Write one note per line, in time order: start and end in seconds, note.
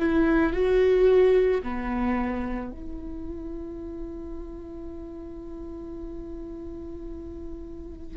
0.00 0.53 E4
0.53 1.62 F#4
1.64 2.72 B3
2.72 8.18 E4